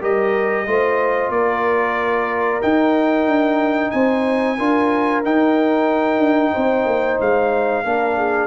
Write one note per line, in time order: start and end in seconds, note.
0.00 0.67 G3
0.00 0.66 G4
0.00 0.65 A#4
0.00 1.31 D#5
0.66 1.29 A3
0.66 2.61 F4
0.66 1.33 C5
1.29 2.60 A#3
1.29 3.93 A#4
1.29 2.61 D5
2.61 4.57 D#4
2.61 3.26 D#4
2.61 3.90 G5
3.26 3.91 D4
3.90 4.58 C4
3.90 4.58 C5
3.90 5.21 G#5
4.58 5.24 D4
4.58 5.24 F4
4.58 6.53 A#4
5.24 7.85 D#4
5.24 6.18 D#4
5.24 7.20 G5
6.18 6.51 D4
6.53 6.85 C4
6.53 7.83 C5
6.85 7.17 A#3
7.20 7.84 G#3
7.20 8.47 F5
7.84 8.47 A#3
7.84 8.47 D4
7.84 8.17 A#4
8.17 8.47 G#4